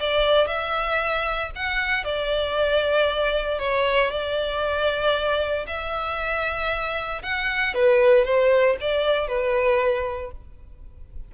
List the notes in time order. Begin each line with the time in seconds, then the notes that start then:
0.00 D5
0.47 E5
1.55 F#5
2.04 D5
3.59 C#5
4.11 D5
5.67 E5
7.22 F#5
7.74 B4
8.25 C5
8.81 D5
9.28 B4